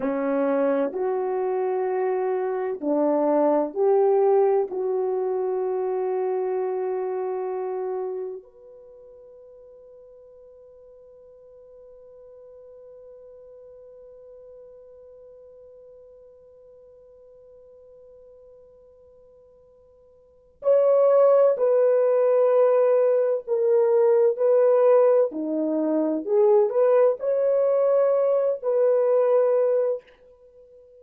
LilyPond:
\new Staff \with { instrumentName = "horn" } { \time 4/4 \tempo 4 = 64 cis'4 fis'2 d'4 | g'4 fis'2.~ | fis'4 b'2.~ | b'1~ |
b'1~ | b'2 cis''4 b'4~ | b'4 ais'4 b'4 dis'4 | gis'8 b'8 cis''4. b'4. | }